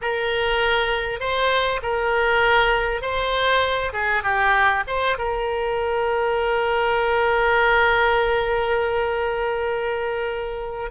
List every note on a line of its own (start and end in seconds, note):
0.01 1.20 A#4
1.20 1.80 C5
1.82 3.01 A#4
3.01 3.92 C5
3.92 4.23 G#4
4.23 4.83 G4
4.87 5.17 C5
5.18 10.91 A#4